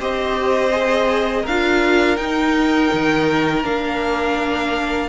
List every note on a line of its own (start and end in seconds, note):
0.00 1.46 C4
0.00 0.72 G4
0.00 1.42 C5
0.00 1.47 D#5
0.72 1.45 G#4
1.42 2.17 D4
1.42 5.08 A#4
1.42 2.17 F5
1.49 2.18 F4
2.17 2.91 D#4
2.17 3.63 D#4
2.17 3.63 G5
2.93 3.66 D#3
3.63 5.09 A#3
3.63 5.09 D4
3.63 5.09 F5